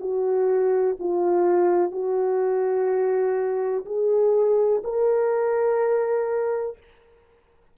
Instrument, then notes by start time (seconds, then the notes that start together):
horn
0.00 F#4
1.00 F4
1.92 F#4
3.86 G#4
4.84 A#4